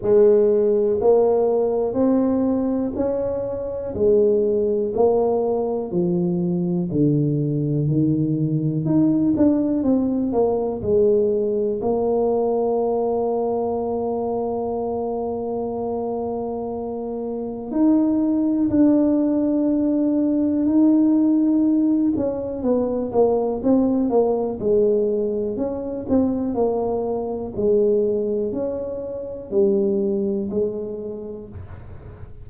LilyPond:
\new Staff \with { instrumentName = "tuba" } { \time 4/4 \tempo 4 = 61 gis4 ais4 c'4 cis'4 | gis4 ais4 f4 d4 | dis4 dis'8 d'8 c'8 ais8 gis4 | ais1~ |
ais2 dis'4 d'4~ | d'4 dis'4. cis'8 b8 ais8 | c'8 ais8 gis4 cis'8 c'8 ais4 | gis4 cis'4 g4 gis4 | }